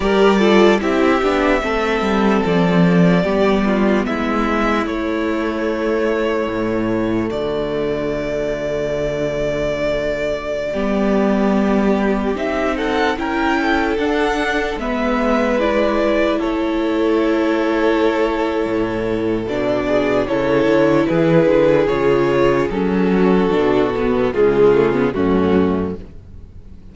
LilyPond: <<
  \new Staff \with { instrumentName = "violin" } { \time 4/4 \tempo 4 = 74 d''4 e''2 d''4~ | d''4 e''4 cis''2~ | cis''4 d''2.~ | d''2.~ d''16 e''8 fis''16~ |
fis''16 g''4 fis''4 e''4 d''8.~ | d''16 cis''2.~ cis''8. | d''4 cis''4 b'4 cis''4 | a'2 gis'4 fis'4 | }
  \new Staff \with { instrumentName = "violin" } { \time 4/4 ais'8 a'8 g'4 a'2 | g'8 f'8 e'2.~ | e'4 fis'2.~ | fis'4~ fis'16 g'2~ g'8 a'16~ |
a'16 ais'8 a'4. b'4.~ b'16~ | b'16 a'2.~ a'8.~ | a'8 gis'8 a'4 gis'2~ | gis'8 fis'4. f'4 cis'4 | }
  \new Staff \with { instrumentName = "viola" } { \time 4/4 g'8 f'8 e'8 d'8 c'2 | b2 a2~ | a1~ | a4~ a16 b2 dis'8.~ |
dis'16 e'4 d'4 b4 e'8.~ | e'1 | d'4 e'2 f'4 | cis'4 d'8 b8 gis8 a16 b16 a4 | }
  \new Staff \with { instrumentName = "cello" } { \time 4/4 g4 c'8 b8 a8 g8 f4 | g4 gis4 a2 | a,4 d2.~ | d4~ d16 g2 c'8.~ |
c'16 cis'4 d'4 gis4.~ gis16~ | gis16 a2~ a8. a,4 | b,4 cis8 d8 e8 d8 cis4 | fis4 b,4 cis4 fis,4 | }
>>